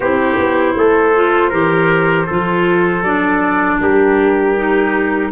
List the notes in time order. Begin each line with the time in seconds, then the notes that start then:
0.00 C4 E4 G4 C5
0.37 B3
0.75 A3 A4
1.15 F4
1.49 E3 G4 A#4
2.26 F3 F4 A4
3.02 F#3 D4 D5
3.79 G3 G4 A#4
4.56 D#4